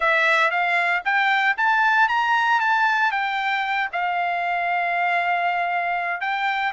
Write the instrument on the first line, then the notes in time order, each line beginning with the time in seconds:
trumpet
0.00 E5
0.50 F5
1.04 G5
1.57 A5
2.08 A#5
2.60 A5
3.11 G5
3.92 F5
6.21 G5